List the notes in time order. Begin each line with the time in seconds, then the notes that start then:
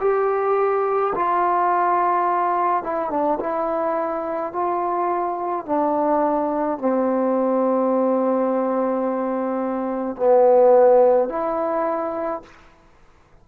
0.00 G4
1.15 F4
2.84 E4
3.10 D4
3.40 E4
4.52 F4
5.66 D4
6.78 C4
10.16 B3
11.28 E4